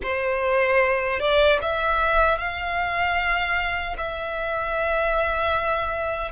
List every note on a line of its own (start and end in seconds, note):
0.02 1.19 C5
1.19 1.59 D5
1.61 2.38 E5
2.38 3.96 F5
3.97 6.31 E5